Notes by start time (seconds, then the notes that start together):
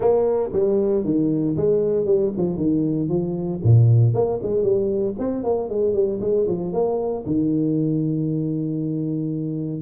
0.00 A#3
0.52 G3
1.04 D#3
1.56 G#3
2.05 G3
2.37 F3
2.57 D#3
3.08 F3
3.63 A#2
4.14 A#3
4.42 G#3
4.62 G3
5.18 C4
5.43 A#3
5.69 G#3
5.93 G3
6.20 G#3
6.47 F3
6.72 A#3
7.25 D#3